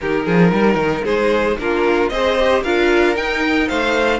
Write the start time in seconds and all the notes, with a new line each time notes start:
0.00 D#3 D#4 G4 A#4
0.25 F3 G#4
0.51 G3 A#4
0.75 D#3
1.04 G#3 G#4 C5
1.58 A#3 D4 F4 A#4
2.09 C4 G#4 C5 D#5
2.39 G4
2.63 D4 F4 A#4 F5
3.15 D#4 G5
3.68 A3 C5 F5